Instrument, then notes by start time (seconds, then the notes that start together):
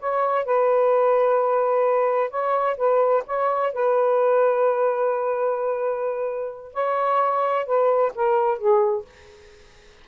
saxophone
0.00 C#5
0.45 B4
2.30 C#5
2.77 B4
3.27 C#5
3.73 B4
6.73 C#5
7.66 B4
8.15 A#4
8.59 G#4